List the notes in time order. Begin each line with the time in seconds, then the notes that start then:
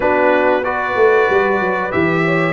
0.00 B3 D4 F#4 B4
0.63 F#4 B4 D5
0.95 A3
1.29 G3
1.60 F#3
1.91 E3 G4 E5
2.24 C#5